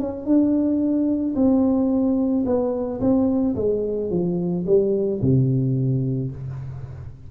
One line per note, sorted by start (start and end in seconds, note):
0.00 0.26 C#4
0.26 1.35 D4
1.36 2.45 C4
2.46 3.01 B3
3.01 3.56 C4
3.56 4.11 G#3
4.11 4.65 F3
4.67 5.21 G3
5.22 6.31 C3